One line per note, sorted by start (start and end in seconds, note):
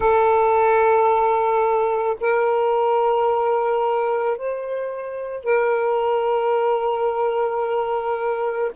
0.00 2.17 A4
2.21 4.37 A#4
4.37 5.44 C5
5.44 8.71 A#4